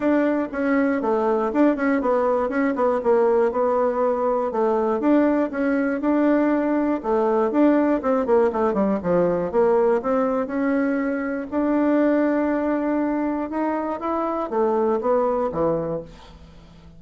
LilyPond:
\new Staff \with { instrumentName = "bassoon" } { \time 4/4 \tempo 4 = 120 d'4 cis'4 a4 d'8 cis'8 | b4 cis'8 b8 ais4 b4~ | b4 a4 d'4 cis'4 | d'2 a4 d'4 |
c'8 ais8 a8 g8 f4 ais4 | c'4 cis'2 d'4~ | d'2. dis'4 | e'4 a4 b4 e4 | }